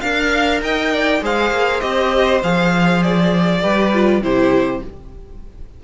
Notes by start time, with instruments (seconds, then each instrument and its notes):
0.00 cello D4, viola A#4, violin F5
0.61 cello D#4, violin D#5 G5
0.93 violin D5
1.21 cello G#3, viola G#4, violin C5 F5
1.51 cello A#3
1.80 cello C4, viola G4, violin D#5
2.43 cello F3, viola G#4, violin F5
3.02 violin D5
3.62 cello G3, viola G4, violin B4
3.94 viola F4
4.21 cello C3, viola E4, violin G4 C5